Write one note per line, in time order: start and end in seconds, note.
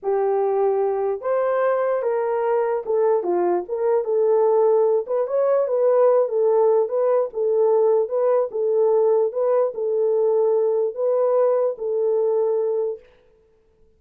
0.02 1.21 G4
1.21 2.02 C5
2.02 2.83 A#4
2.85 3.23 A4
3.23 3.63 F4
3.68 4.04 A#4
4.04 5.05 A4
5.07 5.27 B4
5.27 5.67 C#5
5.67 6.28 B4
6.28 6.89 A4
6.89 7.29 B4
7.33 8.08 A4
8.08 8.49 B4
8.51 9.32 A4
9.32 9.72 B4
9.74 10.94 A4
10.94 11.75 B4
11.78 12.99 A4